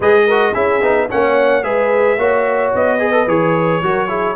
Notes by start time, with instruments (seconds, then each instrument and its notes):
0.00 tuba G#3, trombone G#4, horn B4, trumpet D#5
0.26 trombone F#4, horn A#4
0.53 tuba C#4, trombone E4, horn G#4, trumpet E5
0.81 tuba B3, trombone D#4
1.10 tuba A#3, trombone C#4, horn C#5, trumpet F#5
1.63 tuba G#3, trombone G#4, horn B4, trumpet E5
2.17 tuba A#3, trombone F#4, horn C#5
2.74 tuba B3, trumpet D#5
2.98 trombone G#4, horn B4
3.12 trombone A4
3.26 tuba E3, trombone G#4, trumpet C#5
3.81 tuba F#3, trombone F#4, horn A#4
4.08 trombone E4, horn G#4